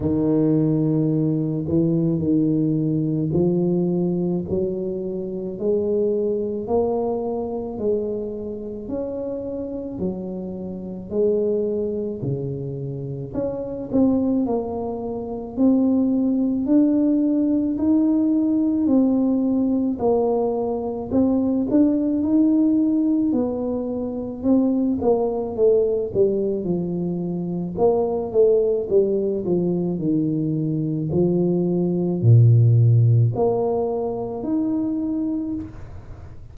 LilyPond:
\new Staff \with { instrumentName = "tuba" } { \time 4/4 \tempo 4 = 54 dis4. e8 dis4 f4 | fis4 gis4 ais4 gis4 | cis'4 fis4 gis4 cis4 | cis'8 c'8 ais4 c'4 d'4 |
dis'4 c'4 ais4 c'8 d'8 | dis'4 b4 c'8 ais8 a8 g8 | f4 ais8 a8 g8 f8 dis4 | f4 ais,4 ais4 dis'4 | }